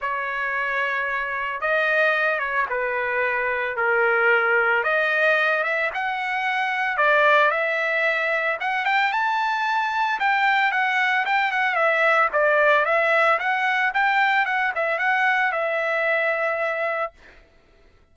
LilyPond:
\new Staff \with { instrumentName = "trumpet" } { \time 4/4 \tempo 4 = 112 cis''2. dis''4~ | dis''8 cis''8 b'2 ais'4~ | ais'4 dis''4. e''8 fis''4~ | fis''4 d''4 e''2 |
fis''8 g''8 a''2 g''4 | fis''4 g''8 fis''8 e''4 d''4 | e''4 fis''4 g''4 fis''8 e''8 | fis''4 e''2. | }